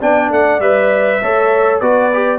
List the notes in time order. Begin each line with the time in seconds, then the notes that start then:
0.00 B3 D4 D5 G5
0.29 A3 F#5
0.59 G3 B4 E5
1.21 A3 A4 C#5
1.80 B3 F#4 B4 D5
2.13 G4